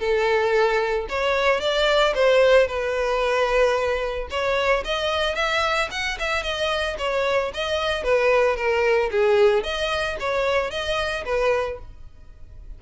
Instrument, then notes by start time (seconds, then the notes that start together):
violin
0.00 A4
1.09 C#5
1.60 D5
2.15 C5
2.67 B4
4.30 C#5
4.85 D#5
5.35 E5
5.91 F#5
6.19 E5
6.43 D#5
6.99 C#5
7.54 D#5
8.04 B4
8.56 A#4
9.11 G#4
9.64 D#5
10.20 C#5
10.71 D#5
11.25 B4